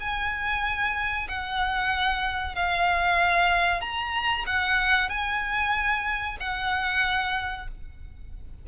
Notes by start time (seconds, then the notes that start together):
0.00 G#5
1.28 F#5
2.55 F5
3.81 A#5
4.46 F#5
5.09 G#5
6.40 F#5